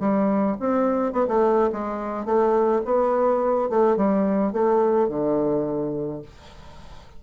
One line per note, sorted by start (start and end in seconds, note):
0.00 0.57 G3
0.59 1.12 C4
1.12 1.27 B3
1.28 1.70 A3
1.72 2.25 G#3
2.25 2.82 A3
2.85 3.69 B3
3.69 3.96 A3
3.96 4.53 G3
4.53 5.09 A3
5.09 6.22 D3